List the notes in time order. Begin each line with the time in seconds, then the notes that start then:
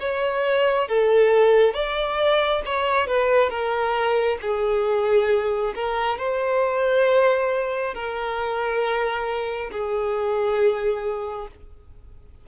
0.00 C#5
0.88 A4
1.74 D5
2.66 C#5
3.07 B4
3.50 A#4
4.42 G#4
5.75 A#4
6.18 C5
7.94 A#4
9.71 G#4